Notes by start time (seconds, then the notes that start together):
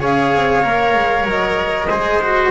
0.00 C#4 G#4 C#5 F5
0.34 C4
0.62 A#3 A#4
0.94 G#3
1.25 F#3 D#5
1.90 G#3 G#4 C5
2.22 F#4